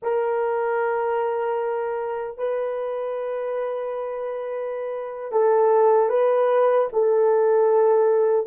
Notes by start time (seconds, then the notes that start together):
0.02 A#4
2.37 B4
5.31 A4
6.09 B4
6.92 A4